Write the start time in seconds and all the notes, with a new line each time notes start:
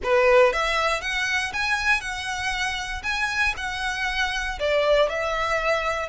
0.03 B4
0.52 E5
1.01 F#5
1.53 G#5
2.00 F#5
3.03 G#5
3.57 F#5
4.59 D5
5.09 E5